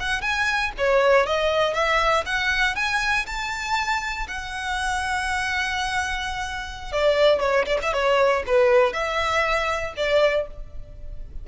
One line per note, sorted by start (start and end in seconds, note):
0.00 0.22 F#5
0.22 0.72 G#5
0.78 1.27 C#5
1.27 1.74 D#5
1.74 2.24 E5
2.26 2.75 F#5
2.75 3.26 G#5
3.26 4.27 A5
4.28 6.92 F#5
6.92 7.40 D5
7.40 7.66 C#5
7.66 7.79 D5
7.82 7.93 E5
7.93 8.44 C#5
8.47 8.93 B4
8.93 9.94 E5
9.97 10.47 D5